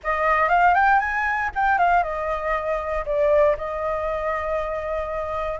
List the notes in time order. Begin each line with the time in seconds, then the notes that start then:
0.03 D#5
0.49 F5
0.74 G5
0.99 G#5
1.55 G5
1.78 F5
2.03 D#5
3.05 D5
3.57 D#5